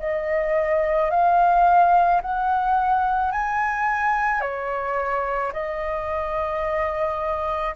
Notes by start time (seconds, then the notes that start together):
0.00 D#5
1.11 F5
2.22 F#5
3.32 G#5
4.41 C#5
5.54 D#5